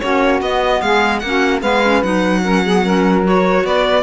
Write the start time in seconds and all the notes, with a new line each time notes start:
0.00 A#3 C#4 F#4 C#5
0.41 B3 D#5
0.82 G#3 G#4 F5
1.19 A#3 C#4 F#5
1.27 F#4
1.61 G#3 B3 B4 F5
1.84 C#4
2.02 F#3 D#4 F#5
2.44 C#4 A#4
2.64 B3 G#4
2.84 C#4 A#4
3.23 F#4 C#5
3.64 B3 B4 D5